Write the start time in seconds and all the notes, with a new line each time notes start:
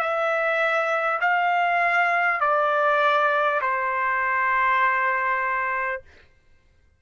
0.00 E5
1.21 F5
2.41 D5
3.62 C5